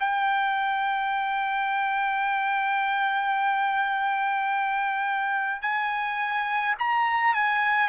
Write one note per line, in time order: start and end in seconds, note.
0.00 5.62 G5
5.62 6.75 G#5
6.79 7.35 A#5
7.35 7.89 G#5